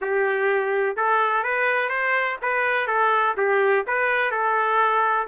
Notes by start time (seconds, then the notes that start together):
0.01 G4
0.96 A4
1.43 B4
1.89 C5
2.42 B4
2.87 A4
3.37 G4
3.86 B4
4.31 A4